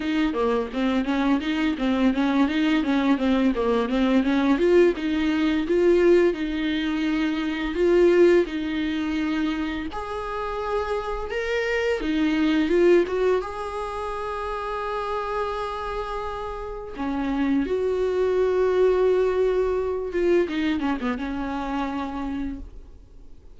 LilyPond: \new Staff \with { instrumentName = "viola" } { \time 4/4 \tempo 4 = 85 dis'8 ais8 c'8 cis'8 dis'8 c'8 cis'8 dis'8 | cis'8 c'8 ais8 c'8 cis'8 f'8 dis'4 | f'4 dis'2 f'4 | dis'2 gis'2 |
ais'4 dis'4 f'8 fis'8 gis'4~ | gis'1 | cis'4 fis'2.~ | fis'8 f'8 dis'8 cis'16 b16 cis'2 | }